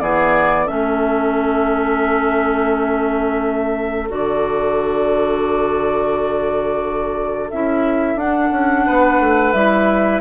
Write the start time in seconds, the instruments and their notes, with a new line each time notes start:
0.00 bassoon E3, clarinet B3, oboe G#4, flute D5
0.66 bassoon A3, clarinet C#4, oboe A4, flute E5
4.09 bassoon D3, clarinet F#4, flute D5
7.51 bassoon C#4, clarinet E4, flute E5
8.15 bassoon D4, clarinet D4, flute F#5
8.52 bassoon C#4
8.87 bassoon B3, oboe B4
9.20 bassoon A3
9.53 bassoon G3, clarinet E4, flute E5